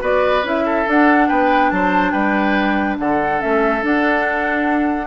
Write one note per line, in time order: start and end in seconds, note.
0.00 0.43 B3
0.00 0.42 F#4
0.00 0.64 B4
0.00 0.46 D5
0.43 0.86 C#4
0.43 0.86 E4
0.43 0.90 E5
0.65 1.28 A4
0.86 3.39 D4
0.86 1.29 D4
0.86 1.28 F#5
1.28 1.71 B3
1.28 1.70 B4
1.28 1.70 G5
1.70 2.13 F#3
1.70 2.12 C5
1.70 2.11 A5
2.11 2.97 G3
2.11 2.97 B4
2.11 2.96 G5
2.99 3.41 D3
2.99 5.07 A4
2.99 3.41 F#5
3.39 3.82 A3
3.39 3.81 C#4
3.39 3.83 E5
3.82 5.07 D4
3.82 5.07 F#5